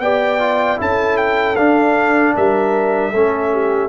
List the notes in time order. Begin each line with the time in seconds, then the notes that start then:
0.00 B3 G4 D5 G5
0.40 F4
0.78 C#4 E4 A4 A5
1.17 G5
1.56 D4 F5
2.36 G3 A#4 E5
3.11 A3 C#4 A4
3.53 G4